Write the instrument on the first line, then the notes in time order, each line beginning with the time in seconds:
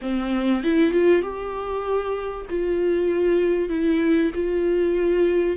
viola
0.01 C4
0.63 E4
0.91 F4
1.22 G4
2.49 F4
3.69 E4
4.34 F4